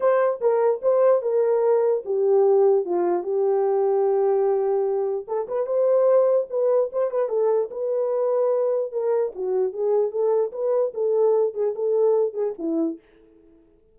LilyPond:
\new Staff \with { instrumentName = "horn" } { \time 4/4 \tempo 4 = 148 c''4 ais'4 c''4 ais'4~ | ais'4 g'2 f'4 | g'1~ | g'4 a'8 b'8 c''2 |
b'4 c''8 b'8 a'4 b'4~ | b'2 ais'4 fis'4 | gis'4 a'4 b'4 a'4~ | a'8 gis'8 a'4. gis'8 e'4 | }